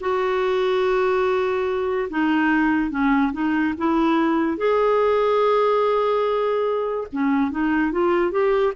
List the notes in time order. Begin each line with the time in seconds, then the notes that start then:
0.00 F#4
2.09 D#4
2.90 C#4
3.32 D#4
3.77 E4
4.57 G#4
7.12 C#4
7.50 D#4
7.91 F4
8.31 G4